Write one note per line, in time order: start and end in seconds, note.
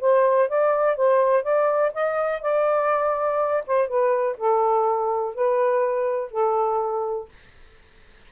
0.00 0.49 C5
0.49 0.96 D5
0.96 1.43 C5
1.43 1.92 D5
1.94 2.41 D#5
2.41 3.63 D5
3.66 3.88 C5
3.88 4.36 B4
4.37 5.35 A4
5.35 6.31 B4
6.31 7.28 A4